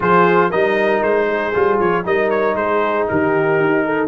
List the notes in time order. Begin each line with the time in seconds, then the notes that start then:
0.00 F3 F4 G#4 C5
0.49 G3 D#4 A#4 D#5
1.02 G#3 C5
1.27 G#4
1.53 G3 F4
1.79 F3 C#5
2.04 G3 D#4 A#4 D#5
2.29 C#5
2.54 G#3 G#4 C5
3.08 D#3 G4 A#4
3.60 D#4
3.85 A4